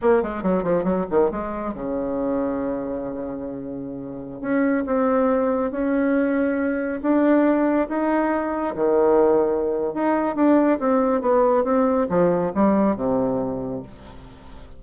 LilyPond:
\new Staff \with { instrumentName = "bassoon" } { \time 4/4 \tempo 4 = 139 ais8 gis8 fis8 f8 fis8 dis8 gis4 | cis1~ | cis2~ cis16 cis'4 c'8.~ | c'4~ c'16 cis'2~ cis'8.~ |
cis'16 d'2 dis'4.~ dis'16~ | dis'16 dis2~ dis8. dis'4 | d'4 c'4 b4 c'4 | f4 g4 c2 | }